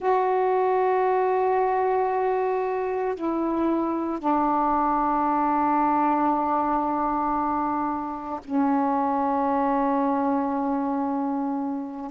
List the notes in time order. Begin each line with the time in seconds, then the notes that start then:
0.00 F#4
3.15 E4
4.19 D4
8.44 C#4